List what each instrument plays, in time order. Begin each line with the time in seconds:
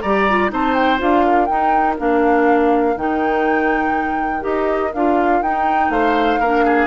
0.00 bassoon G3, clarinet G4, oboe D5, flute A#5
0.29 clarinet F4
0.49 bassoon C4, clarinet D#4, oboe C5, flute A5
0.74 flute G5
0.98 bassoon D4, clarinet F4, flute F5
1.25 oboe A#4
1.45 bassoon D#4, clarinet D#4, flute G5
1.97 bassoon A#3, clarinet D4, flute F5
2.96 bassoon D#3, clarinet D#4, flute G5
4.41 bassoon D#4, clarinet G4, flute D#5
4.93 bassoon D4, clarinet F4, flute F5
5.41 bassoon D#4, clarinet D#4, flute G5
5.89 bassoon A3, oboe C5, flute F5
6.40 bassoon A#3, clarinet D4, oboe A#4
6.65 oboe G#4